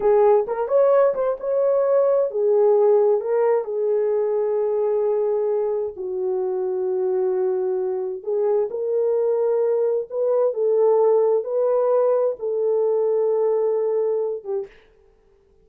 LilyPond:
\new Staff \with { instrumentName = "horn" } { \time 4/4 \tempo 4 = 131 gis'4 ais'8 cis''4 c''8 cis''4~ | cis''4 gis'2 ais'4 | gis'1~ | gis'4 fis'2.~ |
fis'2 gis'4 ais'4~ | ais'2 b'4 a'4~ | a'4 b'2 a'4~ | a'2.~ a'8 g'8 | }